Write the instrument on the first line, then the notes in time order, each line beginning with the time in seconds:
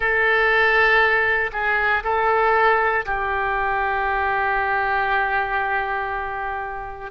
oboe
0.00 A4
1.52 G#4
2.03 A4
3.05 G4